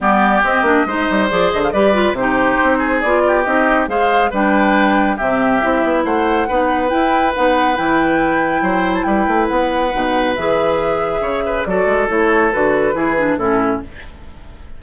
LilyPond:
<<
  \new Staff \with { instrumentName = "flute" } { \time 4/4 \tempo 4 = 139 d''4 dis''2 d''8 dis''16 f''16 | d''4 c''2 d''4 | dis''4 f''4 g''2 | e''2 fis''2 |
g''4 fis''4 g''2~ | g''8. a''16 g''4 fis''2 | e''2. d''4 | cis''4 b'2 a'4 | }
  \new Staff \with { instrumentName = "oboe" } { \time 4/4 g'2 c''2 | b'4 g'4. gis'4 g'8~ | g'4 c''4 b'2 | g'2 c''4 b'4~ |
b'1 | c''4 b'2.~ | b'2 cis''8 b'8 a'4~ | a'2 gis'4 e'4 | }
  \new Staff \with { instrumentName = "clarinet" } { \time 4/4 b4 c'8 d'8 dis'4 gis'4 | g'8 f'8 dis'2 f'4 | dis'4 gis'4 d'2 | c'4 e'2 dis'4 |
e'4 dis'4 e'2~ | e'2. dis'4 | gis'2. fis'4 | e'4 fis'4 e'8 d'8 cis'4 | }
  \new Staff \with { instrumentName = "bassoon" } { \time 4/4 g4 c'8 ais8 gis8 g8 f8 d8 | g4 c4 c'4 b4 | c'4 gis4 g2 | c4 c'8 b8 a4 b4 |
e'4 b4 e2 | fis4 g8 a8 b4 b,4 | e2 cis4 fis8 gis8 | a4 d4 e4 a,4 | }
>>